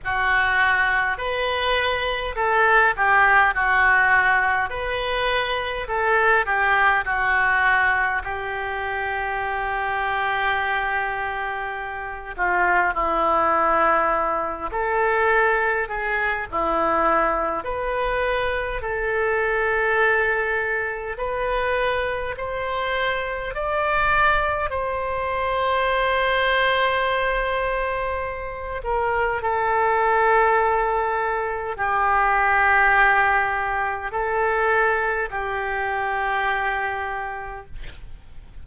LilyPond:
\new Staff \with { instrumentName = "oboe" } { \time 4/4 \tempo 4 = 51 fis'4 b'4 a'8 g'8 fis'4 | b'4 a'8 g'8 fis'4 g'4~ | g'2~ g'8 f'8 e'4~ | e'8 a'4 gis'8 e'4 b'4 |
a'2 b'4 c''4 | d''4 c''2.~ | c''8 ais'8 a'2 g'4~ | g'4 a'4 g'2 | }